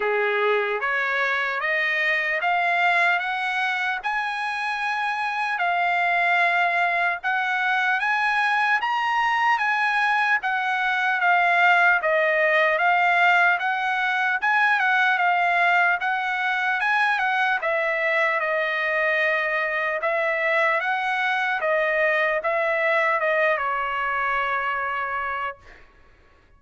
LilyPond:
\new Staff \with { instrumentName = "trumpet" } { \time 4/4 \tempo 4 = 75 gis'4 cis''4 dis''4 f''4 | fis''4 gis''2 f''4~ | f''4 fis''4 gis''4 ais''4 | gis''4 fis''4 f''4 dis''4 |
f''4 fis''4 gis''8 fis''8 f''4 | fis''4 gis''8 fis''8 e''4 dis''4~ | dis''4 e''4 fis''4 dis''4 | e''4 dis''8 cis''2~ cis''8 | }